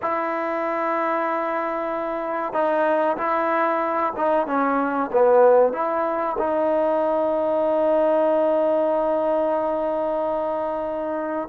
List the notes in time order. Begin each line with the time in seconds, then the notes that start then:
0.02 E4
2.53 D#4
3.17 E4
4.16 D#4
4.46 C#4
5.12 B3
5.72 E4
6.38 D#4